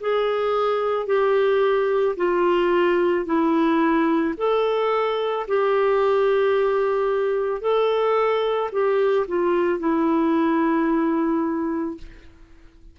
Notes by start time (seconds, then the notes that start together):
0.00 G#4
1.06 G4
2.16 F4
3.25 E4
4.37 A4
5.47 G4
7.61 A4
8.72 G4
9.27 F4
9.79 E4